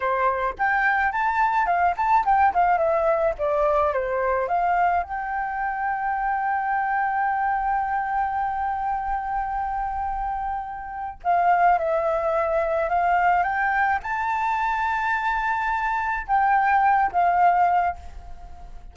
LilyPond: \new Staff \with { instrumentName = "flute" } { \time 4/4 \tempo 4 = 107 c''4 g''4 a''4 f''8 a''8 | g''8 f''8 e''4 d''4 c''4 | f''4 g''2.~ | g''1~ |
g''1 | f''4 e''2 f''4 | g''4 a''2.~ | a''4 g''4. f''4. | }